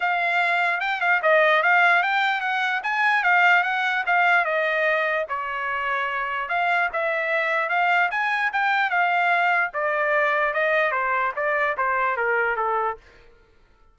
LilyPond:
\new Staff \with { instrumentName = "trumpet" } { \time 4/4 \tempo 4 = 148 f''2 g''8 f''8 dis''4 | f''4 g''4 fis''4 gis''4 | f''4 fis''4 f''4 dis''4~ | dis''4 cis''2. |
f''4 e''2 f''4 | gis''4 g''4 f''2 | d''2 dis''4 c''4 | d''4 c''4 ais'4 a'4 | }